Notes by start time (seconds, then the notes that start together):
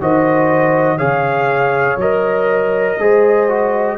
0.00 D#3 F#4 C5 D#5
0.97 C#3 G#4 C#5 F5
1.96 F#3 A#4 D#5
2.98 G#3 G#4 C5
3.49 F#4